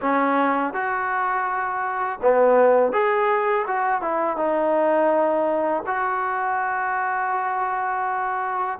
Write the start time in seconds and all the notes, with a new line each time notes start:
0.01 C#4
0.73 F#4
2.22 B3
2.92 G#4
3.67 F#4
4.01 E4
4.37 D#4
5.86 F#4